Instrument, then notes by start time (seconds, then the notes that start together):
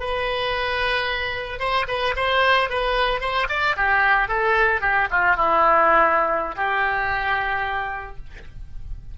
oboe
0.00 B4
1.60 C5
1.88 B4
2.17 C5
2.70 B4
3.21 C5
3.50 D5
3.77 G4
4.29 A4
4.82 G4
5.11 F4
5.37 E4
6.56 G4